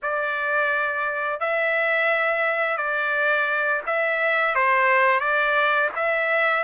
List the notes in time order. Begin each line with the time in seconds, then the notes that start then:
0.02 D5
1.40 E5
2.77 D5
3.86 E5
4.55 C5
5.20 D5
5.95 E5